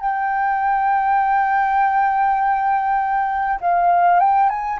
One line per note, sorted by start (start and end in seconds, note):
0.00 3.60 G5
3.61 4.19 F5
4.19 4.49 G5
4.49 4.79 G#5